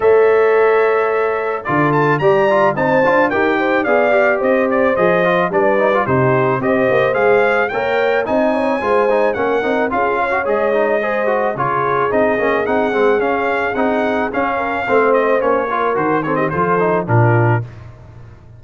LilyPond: <<
  \new Staff \with { instrumentName = "trumpet" } { \time 4/4 \tempo 4 = 109 e''2. d''8 a''8 | ais''4 a''4 g''4 f''4 | dis''8 d''8 dis''4 d''4 c''4 | dis''4 f''4 g''4 gis''4~ |
gis''4 fis''4 f''4 dis''4~ | dis''4 cis''4 dis''4 fis''4 | f''4 fis''4 f''4. dis''8 | cis''4 c''8 cis''16 dis''16 c''4 ais'4 | }
  \new Staff \with { instrumentName = "horn" } { \time 4/4 cis''2. a'4 | d''4 c''4 ais'8 c''8 d''4 | c''2 b'4 g'4 | c''2 cis''4 dis''8 cis''8 |
c''4 ais'4 gis'8 cis''4. | c''4 gis'2.~ | gis'2~ gis'8 ais'8 c''4~ | c''8 ais'4 a'16 g'16 a'4 f'4 | }
  \new Staff \with { instrumentName = "trombone" } { \time 4/4 a'2. f'4 | g'8 f'8 dis'8 f'8 g'4 gis'8 g'8~ | g'4 gis'8 f'8 d'8 dis'16 f'16 dis'4 | g'4 gis'4 ais'4 dis'4 |
f'8 dis'8 cis'8 dis'8 f'8. fis'16 gis'8 dis'8 | gis'8 fis'8 f'4 dis'8 cis'8 dis'8 c'8 | cis'4 dis'4 cis'4 c'4 | cis'8 f'8 fis'8 c'8 f'8 dis'8 d'4 | }
  \new Staff \with { instrumentName = "tuba" } { \time 4/4 a2. d4 | g4 c'8 d'8 dis'4 b4 | c'4 f4 g4 c4 | c'8 ais8 gis4 ais4 c'4 |
gis4 ais8 c'8 cis'4 gis4~ | gis4 cis4 c'8 ais8 c'8 gis8 | cis'4 c'4 cis'4 a4 | ais4 dis4 f4 ais,4 | }
>>